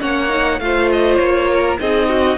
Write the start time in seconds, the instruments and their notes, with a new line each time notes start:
0.00 cello A#3, viola C#4, violin C#5 F#5
0.29 viola D#4
0.60 cello A3, viola F4, violin C5 F5
0.91 violin D#5
1.16 cello A#3, violin C#5
1.50 violin A#4
1.80 cello C4, viola D#4, violin G#4 D#5
2.09 violin F#4